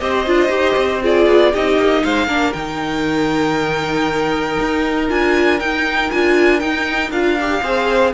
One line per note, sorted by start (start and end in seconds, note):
0.00 0.27 C4
0.00 0.26 G4
0.00 1.02 C5
0.00 1.02 D#5
0.27 0.49 D4
0.27 0.49 F4
0.49 0.75 D#4
0.49 1.00 G4
0.77 1.27 C4
1.02 1.54 F4
1.02 1.53 G#4
1.02 1.55 D5
1.27 1.52 B3
1.53 1.78 C4
1.53 2.28 D#4
1.53 2.03 G4
1.53 2.04 D#5
1.78 2.03 A#3
2.04 2.27 G#3
2.04 2.27 C5
2.04 2.53 F5
2.27 2.53 A#3
2.27 2.53 D4
2.27 7.61 A#4
2.53 4.58 D#3
2.53 5.09 D#4
2.53 5.07 G5
4.60 5.11 D#4
5.09 5.61 D4
5.09 5.60 F4
5.09 5.60 G#5
5.60 6.12 D#4
5.60 6.11 G5
6.11 6.62 D4
6.11 6.60 F4
6.11 6.60 G#5
6.60 7.11 D#4
6.60 7.11 G5
7.11 7.62 D4
7.11 7.38 F4
7.11 8.13 F5
7.40 7.63 G4
7.62 8.14 C4
7.62 8.14 G#4
7.62 8.13 C5